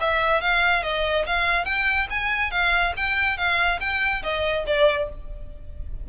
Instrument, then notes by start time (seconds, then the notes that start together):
violin
0.00 E5
0.41 F5
0.83 D#5
1.26 F5
1.65 G5
2.10 G#5
2.51 F5
2.97 G5
3.37 F5
3.80 G5
4.23 D#5
4.67 D5